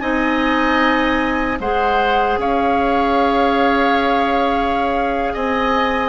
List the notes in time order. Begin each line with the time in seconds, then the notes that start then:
0.00 C4 D#4 D#5 G#5
1.59 G#3 G#4 C5 F#5
2.37 C#4 C#5 F5
5.33 C4 D#5 G#5